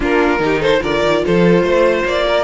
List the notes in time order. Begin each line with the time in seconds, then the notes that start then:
0.00 A#3 D4 F4 A#4
0.39 D#3 D#4 G4
0.60 A4 C5
0.80 D3 F4 A#4 D5
1.03 D#3
1.25 F3 A4 C5
1.62 A3 C5
2.04 A#3 D5
2.28 A#4